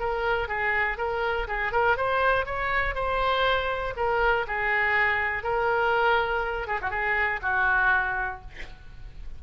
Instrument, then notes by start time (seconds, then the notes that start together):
oboe
0.00 A#4
0.48 G#4
0.98 A#4
1.48 G#4
1.72 A#4
1.97 C5
2.46 C#5
2.95 C5
3.97 A#4
4.48 G#4
5.43 A#4
6.68 G#4
6.82 F#4
6.91 G#4
7.42 F#4